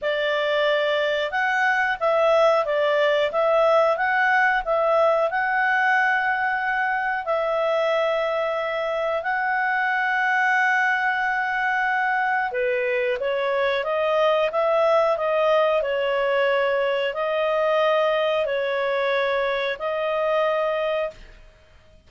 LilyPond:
\new Staff \with { instrumentName = "clarinet" } { \time 4/4 \tempo 4 = 91 d''2 fis''4 e''4 | d''4 e''4 fis''4 e''4 | fis''2. e''4~ | e''2 fis''2~ |
fis''2. b'4 | cis''4 dis''4 e''4 dis''4 | cis''2 dis''2 | cis''2 dis''2 | }